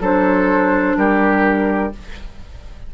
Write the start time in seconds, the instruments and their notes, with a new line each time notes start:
0.00 bassoon F#3, clarinet D4, oboe A4, flute C5
0.96 bassoon G3, oboe G4, flute A#4